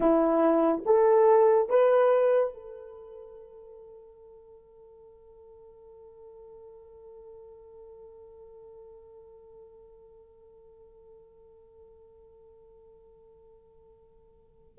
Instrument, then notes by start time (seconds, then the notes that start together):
horn
0.00 E4
0.85 A4
1.69 B4
2.53 A4